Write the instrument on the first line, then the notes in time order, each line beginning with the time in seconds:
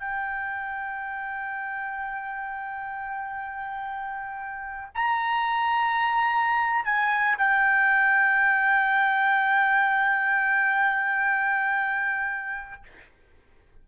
trumpet
0.00 G5
4.95 A#5
6.85 G#5
7.38 G5